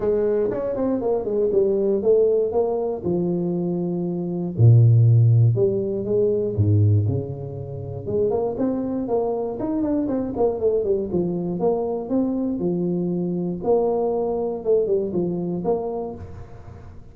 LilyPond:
\new Staff \with { instrumentName = "tuba" } { \time 4/4 \tempo 4 = 119 gis4 cis'8 c'8 ais8 gis8 g4 | a4 ais4 f2~ | f4 ais,2 g4 | gis4 gis,4 cis2 |
gis8 ais8 c'4 ais4 dis'8 d'8 | c'8 ais8 a8 g8 f4 ais4 | c'4 f2 ais4~ | ais4 a8 g8 f4 ais4 | }